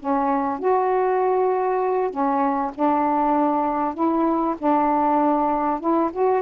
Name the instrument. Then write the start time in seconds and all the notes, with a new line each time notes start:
saxophone
0.00 C#4
0.60 F#4
2.11 C#4
2.75 D4
3.95 E4
4.59 D4
5.81 E4
6.13 F#4